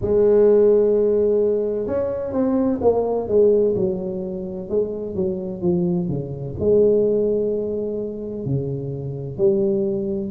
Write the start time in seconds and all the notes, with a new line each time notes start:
0.01 G#3
1.86 C#4
2.32 C4
2.81 A#3
3.28 G#3
3.75 F#3
4.69 G#3
5.15 F#3
5.61 F3
6.08 C#3
6.59 G#3
8.45 C#3
9.37 G3